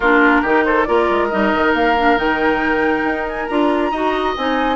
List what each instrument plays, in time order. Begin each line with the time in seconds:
0.00 bassoon A#3, clarinet D4, oboe F4, flute A#4
0.41 bassoon D#3, clarinet D#4, oboe G4
0.64 oboe A4, flute C5
0.84 bassoon A#3, clarinet F4, oboe A#4, flute D5
1.10 bassoon G#3
1.28 bassoon G3, clarinet D#4, flute D#5
1.53 bassoon D#3
1.73 bassoon A#3, flute F5
1.97 clarinet D4
2.17 bassoon D#3, clarinet D#4, flute G5
3.03 bassoon D#4
3.28 flute G#5
3.46 bassoon D4, clarinet F4, flute A#5
3.91 bassoon D#4, clarinet F#4, oboe D#5
4.36 bassoon C4, clarinet D#4, flute G#5